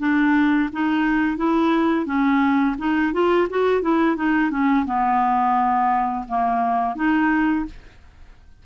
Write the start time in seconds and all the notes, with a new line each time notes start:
0.00 D4
0.73 D#4
1.38 E4
2.06 C#4
2.79 D#4
3.13 F4
3.50 F#4
3.82 E4
4.17 D#4
4.51 C#4
4.86 B3
6.29 A#3
6.96 D#4